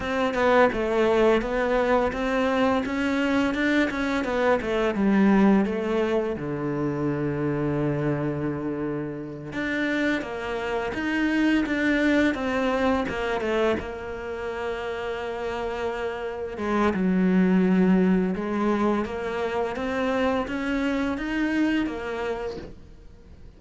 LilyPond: \new Staff \with { instrumentName = "cello" } { \time 4/4 \tempo 4 = 85 c'8 b8 a4 b4 c'4 | cis'4 d'8 cis'8 b8 a8 g4 | a4 d2.~ | d4. d'4 ais4 dis'8~ |
dis'8 d'4 c'4 ais8 a8 ais8~ | ais2.~ ais8 gis8 | fis2 gis4 ais4 | c'4 cis'4 dis'4 ais4 | }